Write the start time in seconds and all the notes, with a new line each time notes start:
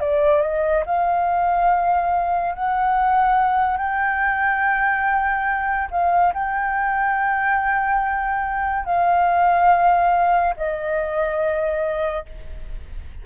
0.00 D5
0.41 D#5
0.86 F5
2.55 F#5
3.77 G5
5.91 F5
6.33 G5
8.85 F5
10.57 D#5